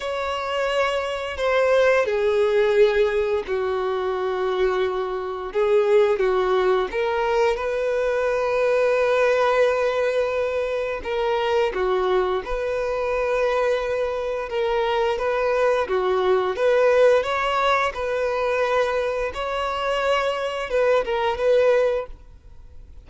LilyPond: \new Staff \with { instrumentName = "violin" } { \time 4/4 \tempo 4 = 87 cis''2 c''4 gis'4~ | gis'4 fis'2. | gis'4 fis'4 ais'4 b'4~ | b'1 |
ais'4 fis'4 b'2~ | b'4 ais'4 b'4 fis'4 | b'4 cis''4 b'2 | cis''2 b'8 ais'8 b'4 | }